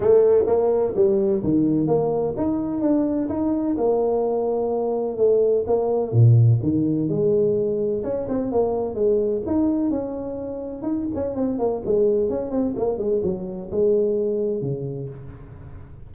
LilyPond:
\new Staff \with { instrumentName = "tuba" } { \time 4/4 \tempo 4 = 127 a4 ais4 g4 dis4 | ais4 dis'4 d'4 dis'4 | ais2. a4 | ais4 ais,4 dis4 gis4~ |
gis4 cis'8 c'8 ais4 gis4 | dis'4 cis'2 dis'8 cis'8 | c'8 ais8 gis4 cis'8 c'8 ais8 gis8 | fis4 gis2 cis4 | }